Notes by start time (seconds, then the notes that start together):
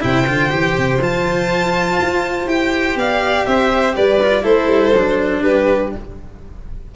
0.00 C3 E4 C5 G5
0.27 D3 F4
0.49 E3 G4
0.78 C3
0.99 F3 F4 A5
2.01 F4
2.46 E4 G4 G5
2.95 B3 D5 F5
3.45 C4 C5 E5
3.95 G3 B4 D5
4.23 F4
4.42 A3 E4 A4 C5
4.67 G3
4.93 F#3 D4
5.42 G3 G4 B4